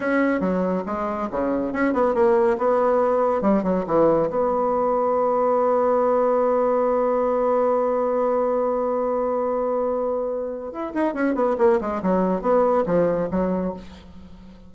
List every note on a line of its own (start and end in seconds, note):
0.00 0.40 C#4
0.40 0.83 F#3
0.86 1.28 G#3
1.31 1.73 C#3
1.73 1.93 C#4
1.93 2.14 B3
2.14 2.57 A#3
2.58 3.41 B3
3.41 3.63 G3
3.63 3.84 F#3
3.86 4.29 E3
4.30 10.71 B3
10.71 10.93 E4
10.94 11.14 D#4
11.14 11.35 C#4
11.35 11.56 B3
11.58 11.79 A#3
11.80 12.02 G#3
12.02 12.41 F#3
12.41 12.84 B3
12.86 13.28 F3
13.31 13.73 F#3